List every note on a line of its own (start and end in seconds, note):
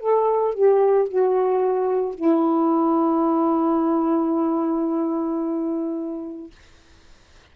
0.00 0.55 A4
0.55 1.09 G4
1.09 2.15 F#4
2.15 6.52 E4